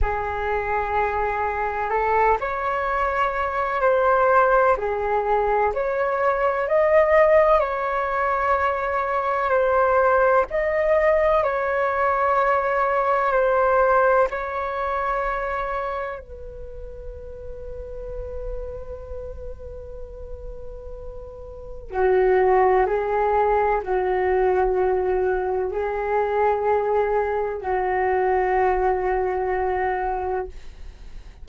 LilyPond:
\new Staff \with { instrumentName = "flute" } { \time 4/4 \tempo 4 = 63 gis'2 a'8 cis''4. | c''4 gis'4 cis''4 dis''4 | cis''2 c''4 dis''4 | cis''2 c''4 cis''4~ |
cis''4 b'2.~ | b'2. fis'4 | gis'4 fis'2 gis'4~ | gis'4 fis'2. | }